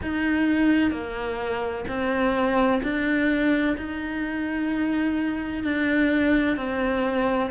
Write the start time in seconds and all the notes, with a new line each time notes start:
0.02 D#4
0.91 A#3
1.87 C4
2.82 D4
3.77 D#4
5.63 D4
6.56 C4